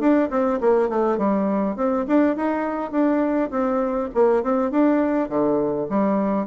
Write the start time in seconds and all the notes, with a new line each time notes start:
0.00 D4
0.30 C4
0.61 A#3
0.89 A3
1.18 G3
1.76 C4
2.07 D4
2.36 D#4
2.92 D4
3.51 C4
4.14 A#3
4.43 C4
4.71 D4
5.29 D3
5.90 G3